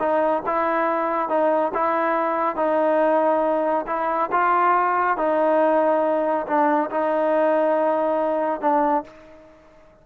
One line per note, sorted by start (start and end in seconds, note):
0.00 0.43 D#4
0.46 1.29 E4
1.29 1.72 D#4
1.74 2.56 E4
2.56 3.86 D#4
3.87 4.30 E4
4.32 5.17 F4
5.17 6.47 D#4
6.47 6.90 D4
6.91 8.61 D#4
8.61 9.04 D4